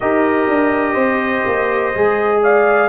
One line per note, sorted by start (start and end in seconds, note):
0.00 0.48 D#4
0.00 1.94 G4
0.00 0.93 A#4
0.00 2.41 D#5
0.48 0.95 D4
0.93 1.43 C4
0.93 2.38 C5
1.46 1.95 A#3
1.95 2.89 G#3
1.95 2.89 G#4
2.42 2.89 D5
2.42 2.89 F5